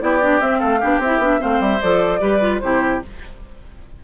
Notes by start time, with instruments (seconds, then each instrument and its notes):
0.00 bassoon B3, clarinet E4, oboe G4, flute D5
0.21 clarinet D4
0.40 clarinet C4, bassoon C4, flute E5
0.59 bassoon A3, oboe A4, flute F5
0.80 bassoon B3, clarinet D4, oboe G4
0.99 bassoon C4, flute E5
1.05 clarinet E4
1.18 bassoon B3, clarinet D4
1.39 bassoon A3, clarinet C4, oboe C5, flute F5
1.60 bassoon G3, flute E5
1.81 bassoon F3, clarinet A4, flute D5
2.20 bassoon G3, clarinet G4, oboe B4
2.40 clarinet F4
2.59 bassoon C3, clarinet E4, oboe G4, flute C5